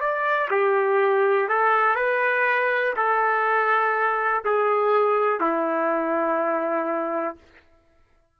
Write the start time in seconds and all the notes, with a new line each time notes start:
0.00 D5
0.51 G4
1.49 A4
1.95 B4
2.96 A4
4.45 G#4
5.41 E4